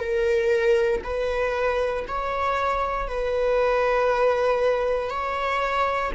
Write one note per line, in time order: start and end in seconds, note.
0.00 1.02 A#4
1.04 2.05 B4
2.08 3.07 C#5
3.07 5.09 B4
5.09 6.11 C#5